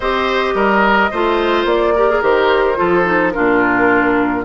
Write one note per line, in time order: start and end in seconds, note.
0.00 0.53 C4
0.00 1.12 G4
0.00 0.54 C5
0.00 1.66 D#5
0.54 1.10 G3
0.54 1.10 A#4
1.10 1.64 A3
1.10 1.96 F4
1.10 1.94 C5
1.64 2.20 A#3
1.64 2.22 D5
1.95 2.09 G4
1.95 2.77 A#4
2.09 2.22 G#4
2.22 2.77 D#3
2.22 2.75 G4
2.22 3.31 C5
2.75 3.35 F3
2.75 3.03 F4
2.75 3.33 A4
3.04 3.31 D#4
3.31 4.44 A#2
3.31 4.44 D4
3.31 4.44 F4
3.31 4.42 A#4